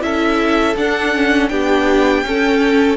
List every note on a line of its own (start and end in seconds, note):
0.00 0.75 C#4
0.00 0.74 E4
0.00 1.50 A4
0.00 0.76 E5
0.75 1.49 D4
0.75 1.14 D4
0.75 1.48 F#5
1.14 1.49 C#4
1.48 2.22 B3
1.48 2.23 D4
1.48 2.24 G4
1.48 2.96 G5
2.22 2.96 C#4
2.22 2.96 A4